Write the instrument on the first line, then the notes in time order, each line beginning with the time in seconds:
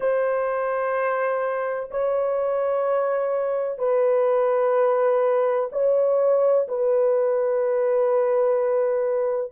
horn
0.00 C5
1.90 C#5
3.78 B4
5.71 C#5
6.68 B4